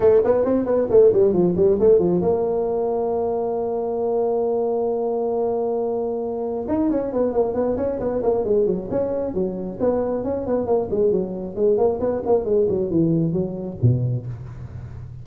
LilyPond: \new Staff \with { instrumentName = "tuba" } { \time 4/4 \tempo 4 = 135 a8 b8 c'8 b8 a8 g8 f8 g8 | a8 f8 ais2.~ | ais1~ | ais2. dis'8 cis'8 |
b8 ais8 b8 cis'8 b8 ais8 gis8 fis8 | cis'4 fis4 b4 cis'8 b8 | ais8 gis8 fis4 gis8 ais8 b8 ais8 | gis8 fis8 e4 fis4 b,4 | }